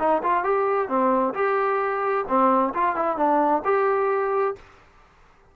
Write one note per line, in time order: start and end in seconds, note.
0.00 0.23 D#4
0.24 0.44 F4
0.44 0.89 G4
0.89 1.34 C4
1.35 2.26 G4
2.29 2.74 C4
2.74 2.96 F4
2.96 3.17 E4
3.17 3.63 D4
3.65 4.56 G4